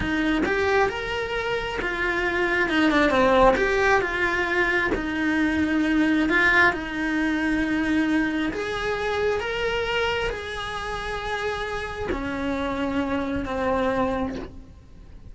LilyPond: \new Staff \with { instrumentName = "cello" } { \time 4/4 \tempo 4 = 134 dis'4 g'4 ais'2 | f'2 dis'8 d'8 c'4 | g'4 f'2 dis'4~ | dis'2 f'4 dis'4~ |
dis'2. gis'4~ | gis'4 ais'2 gis'4~ | gis'2. cis'4~ | cis'2 c'2 | }